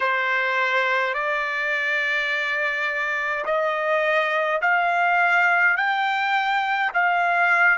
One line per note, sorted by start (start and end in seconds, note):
0.00 1.14 C5
1.14 3.45 D5
3.45 4.60 D#5
4.61 5.76 F5
5.76 6.92 G5
6.93 7.78 F5